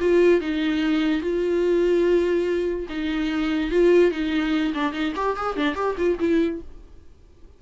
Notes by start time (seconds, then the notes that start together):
0.00 F4
0.41 D#4
1.21 F4
2.89 D#4
3.71 F4
4.11 D#4
4.74 D4
4.93 D#4
5.16 G4
5.37 G#4
5.57 D4
5.76 G4
5.98 F4
6.20 E4